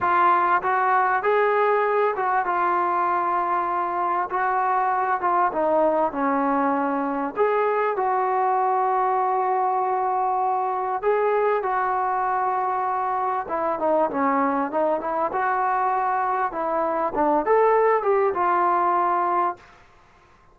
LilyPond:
\new Staff \with { instrumentName = "trombone" } { \time 4/4 \tempo 4 = 98 f'4 fis'4 gis'4. fis'8 | f'2. fis'4~ | fis'8 f'8 dis'4 cis'2 | gis'4 fis'2.~ |
fis'2 gis'4 fis'4~ | fis'2 e'8 dis'8 cis'4 | dis'8 e'8 fis'2 e'4 | d'8 a'4 g'8 f'2 | }